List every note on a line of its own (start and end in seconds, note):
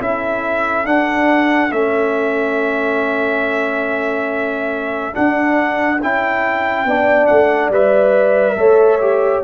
0.00 0.86 C#4
0.00 0.85 E4
0.00 6.86 A4
0.00 0.86 E5
0.85 1.71 D4
0.85 1.72 F#5
1.71 5.14 A3
1.71 5.13 C#4
1.71 5.15 E5
5.13 5.98 D4
5.13 6.02 D4
5.13 6.01 F#5
6.02 6.85 C#4
6.02 6.87 E4
6.02 7.27 G5
6.85 7.28 B3
6.85 7.72 D4
6.85 8.58 D5
7.27 7.70 A3
7.27 7.70 F#5
7.70 8.55 G3
7.70 8.56 B4
7.70 9.44 E5
8.56 9.42 A3
8.56 8.99 A4
8.56 9.44 C#5
9.01 9.43 G4